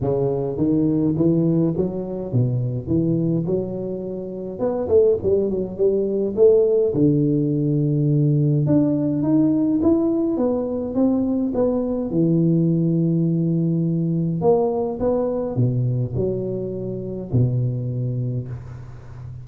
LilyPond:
\new Staff \with { instrumentName = "tuba" } { \time 4/4 \tempo 4 = 104 cis4 dis4 e4 fis4 | b,4 e4 fis2 | b8 a8 g8 fis8 g4 a4 | d2. d'4 |
dis'4 e'4 b4 c'4 | b4 e2.~ | e4 ais4 b4 b,4 | fis2 b,2 | }